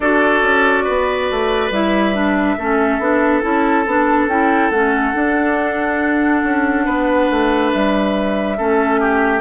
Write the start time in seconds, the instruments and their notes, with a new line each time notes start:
0.00 bassoon D4, clarinet F#4, oboe A4, flute D5
0.42 bassoon C#4
0.84 bassoon B3, oboe B4
1.31 bassoon A3
1.70 bassoon G3, clarinet E4, flute E5
2.14 clarinet D4
2.58 bassoon A3, clarinet C#4, oboe A4
2.99 bassoon B3, clarinet D4
3.41 bassoon C#4, clarinet E4, flute A5
3.86 bassoon B3, clarinet D4
4.27 bassoon C#4, clarinet E4, flute G5
4.70 bassoon A3, clarinet C#4, flute F#5
5.13 clarinet D4, bassoon D4
6.43 bassoon C#4
6.85 bassoon B3, oboe B4
7.30 bassoon A3
7.72 bassoon G3, flute E5
8.57 bassoon A3, clarinet C#4, oboe A4
9.00 oboe G4